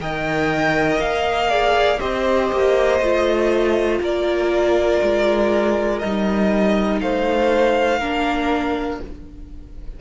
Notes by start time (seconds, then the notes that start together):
0.00 D#3 A#4 D#5 G5
0.99 A#3 F5
1.49 G#4 D5
1.99 C4 G4 C5 D#5
2.52 A#3
3.00 A3 F4
4.00 A#3 A#4 D5
5.02 G#3
5.99 G3 D#5
6.05 D#4
7.00 A3 C5 F5
7.99 A#3 D4 A#4